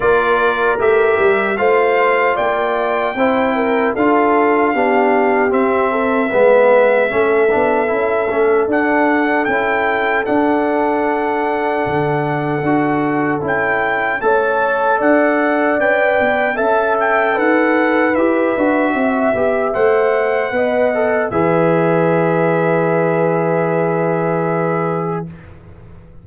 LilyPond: <<
  \new Staff \with { instrumentName = "trumpet" } { \time 4/4 \tempo 4 = 76 d''4 e''4 f''4 g''4~ | g''4 f''2 e''4~ | e''2. fis''4 | g''4 fis''2.~ |
fis''4 g''4 a''4 fis''4 | g''4 a''8 g''8 fis''4 e''4~ | e''4 fis''2 e''4~ | e''1 | }
  \new Staff \with { instrumentName = "horn" } { \time 4/4 ais'2 c''4 d''4 | c''8 ais'8 a'4 g'4. a'8 | b'4 a'2.~ | a'1~ |
a'2 cis''4 d''4~ | d''4 e''4 b'2 | e''2 dis''4 b'4~ | b'1 | }
  \new Staff \with { instrumentName = "trombone" } { \time 4/4 f'4 g'4 f'2 | e'4 f'4 d'4 c'4 | b4 cis'8 d'8 e'8 cis'8 d'4 | e'4 d'2. |
fis'4 e'4 a'2 | b'4 a'2 g'8 fis'8~ | fis'8 g'8 c''4 b'8 a'8 gis'4~ | gis'1 | }
  \new Staff \with { instrumentName = "tuba" } { \time 4/4 ais4 a8 g8 a4 ais4 | c'4 d'4 b4 c'4 | gis4 a8 b8 cis'8 a8 d'4 | cis'4 d'2 d4 |
d'4 cis'4 a4 d'4 | cis'8 b8 cis'4 dis'4 e'8 d'8 | c'8 b8 a4 b4 e4~ | e1 | }
>>